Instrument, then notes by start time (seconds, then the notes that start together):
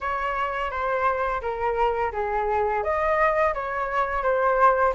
flute
0.00 C#5
0.70 C5
1.41 A#4
2.12 G#4
2.83 D#5
3.54 C#5
4.22 C5